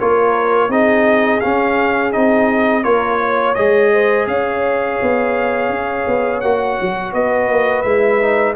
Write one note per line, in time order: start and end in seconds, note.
0.00 0.69 A#3
0.00 0.71 F4
0.00 0.71 A#4
0.00 0.72 C#5
0.69 1.40 C4
0.69 1.42 D#4
0.69 2.85 G#4
0.69 1.41 D#5
1.41 2.13 C#4
1.41 2.16 C#4
1.41 2.12 F5
2.13 2.85 C4
2.13 2.84 D#4
2.13 2.84 D#5
2.84 3.57 A#3
2.84 3.55 F4
2.84 3.20 A#4
2.84 3.55 C#5
3.21 3.92 C#5
3.55 4.28 G#3
3.55 6.44 G#4
3.55 4.27 D#5
3.93 4.29 C5
4.28 4.99 C#4
4.28 7.14 C#5
4.28 6.41 F5
5.02 5.70 B3
5.70 6.05 C#4
6.08 6.43 B3
6.41 6.79 A#3
6.41 7.85 F#4
6.41 7.13 F#5
6.81 7.14 F#3
7.14 7.48 B3
7.14 8.56 B4
7.14 7.83 D#5
7.48 7.84 A#3
7.83 8.56 G#3
7.83 8.21 E4
7.83 8.54 E5
8.22 8.56 D#4